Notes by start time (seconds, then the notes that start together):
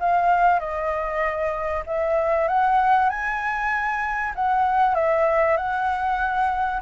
0.00 F5
0.60 D#5
1.87 E5
2.48 F#5
3.10 G#5
4.36 F#5
4.95 E5
5.57 F#5